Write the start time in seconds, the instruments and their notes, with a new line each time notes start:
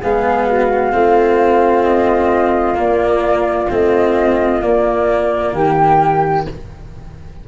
0.00 tuba G#3, cello B3, flute G#4 F5
0.46 flute F#4
0.92 tuba A3, cello C4, flute F4
1.84 flute D#5
2.75 cello A#3, tuba A#3, flute D5
3.70 tuba A3, cello C4, flute D#5
4.62 tuba A#3, cello A#3, flute D5
5.53 tuba D#3, flute G4 G5